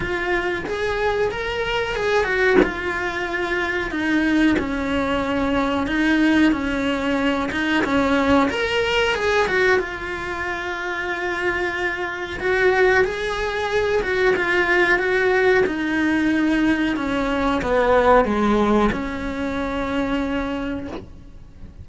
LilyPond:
\new Staff \with { instrumentName = "cello" } { \time 4/4 \tempo 4 = 92 f'4 gis'4 ais'4 gis'8 fis'8 | f'2 dis'4 cis'4~ | cis'4 dis'4 cis'4. dis'8 | cis'4 ais'4 gis'8 fis'8 f'4~ |
f'2. fis'4 | gis'4. fis'8 f'4 fis'4 | dis'2 cis'4 b4 | gis4 cis'2. | }